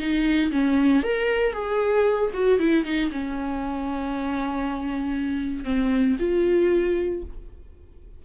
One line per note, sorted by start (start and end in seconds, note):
0.00 0.52 D#4
0.52 1.03 C#4
1.03 1.53 A#4
1.53 2.31 G#4
2.34 2.60 F#4
2.60 2.85 E4
2.85 3.11 D#4
3.12 5.65 C#4
5.65 6.17 C4
6.20 7.23 F4